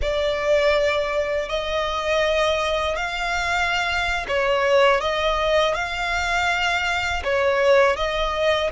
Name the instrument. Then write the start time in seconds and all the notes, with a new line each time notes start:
violin
0.01 D5
1.48 D#5
2.96 F5
4.28 C#5
5.00 D#5
5.74 F5
7.24 C#5
7.96 D#5